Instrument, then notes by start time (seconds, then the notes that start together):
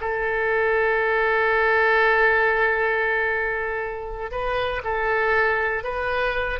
oboe
0.00 A4
4.31 B4
4.84 A4
5.83 B4